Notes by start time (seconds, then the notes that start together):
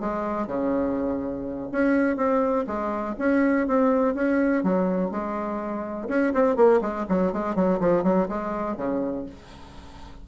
0.00 G#3
0.47 C#3
1.71 C#4
2.16 C4
2.66 G#3
3.18 C#4
3.67 C4
4.14 C#4
4.63 F#3
5.10 G#3
6.08 C#4
6.33 C4
6.56 A#3
6.81 G#3
7.08 F#3
7.32 G#3
7.55 F#3
7.80 F3
8.03 F#3
8.28 G#3
8.77 C#3